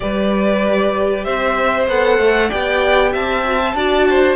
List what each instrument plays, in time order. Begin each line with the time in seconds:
0.00 cello G3, viola G4, violin B4 D5
1.24 cello C4, violin C5 E5
1.87 cello B3, viola A4, violin F#5
2.18 cello A3
2.48 cello B3, viola G4, violin D5 G5
3.12 cello C4, violin E5 A5
3.43 viola F#4
3.63 viola C5
3.74 cello D4, viola F#4, violin D5
4.09 violin C5